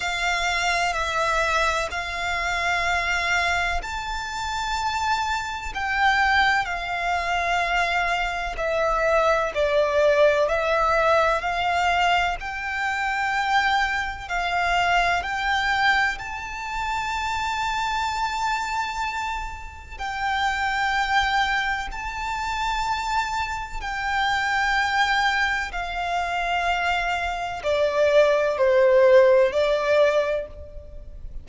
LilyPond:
\new Staff \with { instrumentName = "violin" } { \time 4/4 \tempo 4 = 63 f''4 e''4 f''2 | a''2 g''4 f''4~ | f''4 e''4 d''4 e''4 | f''4 g''2 f''4 |
g''4 a''2.~ | a''4 g''2 a''4~ | a''4 g''2 f''4~ | f''4 d''4 c''4 d''4 | }